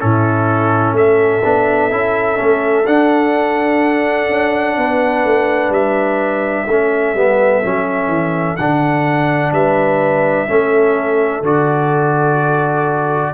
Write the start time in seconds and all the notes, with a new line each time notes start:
0.00 A2 C#4 E4 A4
0.93 A3 A4 E5
1.44 B3 D4
1.91 C#4 E4
2.37 A3 C#4
2.87 D4 F#5
4.30 C#4
4.77 B3 B4
5.25 A3
5.70 G3 E5
6.67 A3 C#4 A4
7.15 G3 B3
7.63 F#3 C#4
8.08 E3
8.57 D3 D4 F#5
9.53 G3 B4 E5
10.48 A3 C#4 A4
11.42 D3 F#4 D5